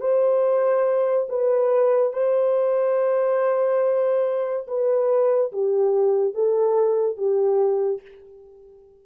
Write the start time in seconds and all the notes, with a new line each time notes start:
0.00 C5
1.28 B4
2.12 C5
4.67 B4
5.52 G4
6.34 A4
7.16 G4